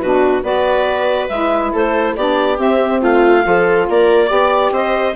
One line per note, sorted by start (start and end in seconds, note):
0.00 0.42 B2
0.00 0.43 D4
0.00 0.44 F#4
0.00 0.43 B4
0.42 1.28 B3
0.42 1.29 F#4
0.42 1.72 B4
0.42 1.28 D5
1.28 1.73 G#3
1.28 2.17 E4
1.28 1.71 E5
1.72 2.16 A3
1.72 2.15 A4
1.72 2.16 C5
2.16 2.58 B3
2.16 2.57 D4
2.16 3.01 G4
2.16 2.59 D5
2.57 3.42 C4
2.57 3.01 C4
2.57 3.02 E5
3.01 3.44 A3
3.01 3.44 F4
3.01 3.88 F5
3.42 3.88 F3
3.42 4.27 F4
3.42 3.89 A4
3.88 4.30 A#3
3.88 4.27 A#4
3.88 4.73 D5
4.27 4.71 B3
4.27 5.12 G4
4.27 4.69 D5
4.71 5.14 C4
4.71 5.15 C5
4.71 5.15 D#5